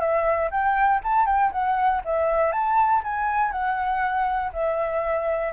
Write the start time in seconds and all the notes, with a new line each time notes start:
0.00 E5
0.51 G5
1.03 A5
1.26 G5
1.52 F#5
2.05 E5
2.52 A5
3.03 G#5
3.52 F#5
4.52 E5